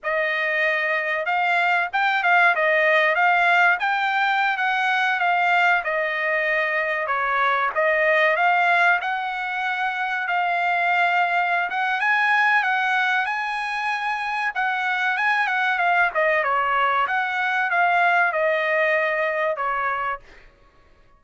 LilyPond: \new Staff \with { instrumentName = "trumpet" } { \time 4/4 \tempo 4 = 95 dis''2 f''4 g''8 f''8 | dis''4 f''4 g''4~ g''16 fis''8.~ | fis''16 f''4 dis''2 cis''8.~ | cis''16 dis''4 f''4 fis''4.~ fis''16~ |
fis''16 f''2~ f''16 fis''8 gis''4 | fis''4 gis''2 fis''4 | gis''8 fis''8 f''8 dis''8 cis''4 fis''4 | f''4 dis''2 cis''4 | }